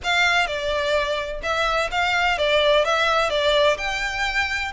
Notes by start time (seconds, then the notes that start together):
0.03 F5
0.46 D5
1.42 E5
1.91 F5
2.38 D5
2.84 E5
3.29 D5
3.77 G5